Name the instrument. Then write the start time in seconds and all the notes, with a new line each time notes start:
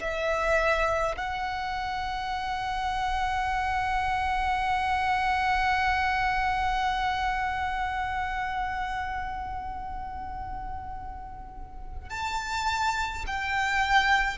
violin
0.00 E5
1.17 F#5
12.10 A5
13.27 G5